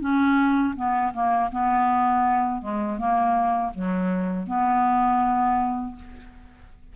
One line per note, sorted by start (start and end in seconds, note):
0.00 0.74 C#4
0.75 1.12 B3
1.13 1.50 A#3
1.51 2.61 B3
2.61 2.98 G#3
2.98 3.72 A#3
3.75 4.47 F#3
4.47 5.95 B3